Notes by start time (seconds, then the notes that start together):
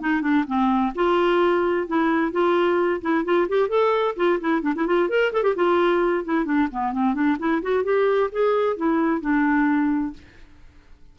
0.00 D#4
0.21 D4
0.47 C4
0.95 F4
1.88 E4
2.32 F4
3.01 E4
3.24 F4
3.48 G4
3.69 A4
4.16 F4
4.40 E4
4.62 D4
4.75 E4
4.87 F4
5.09 A#4
5.33 A4
5.43 G4
5.55 F4
6.25 E4
6.45 D4
6.71 B3
6.92 C4
7.14 D4
7.39 E4
7.62 F#4
7.84 G4
8.32 G#4
8.77 E4
9.21 D4